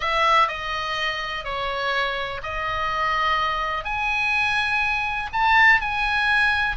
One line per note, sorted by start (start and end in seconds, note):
0.00 0.48 E5
0.48 1.44 D#5
1.44 2.41 C#5
2.43 3.84 D#5
3.84 5.29 G#5
5.32 5.80 A5
5.80 6.76 G#5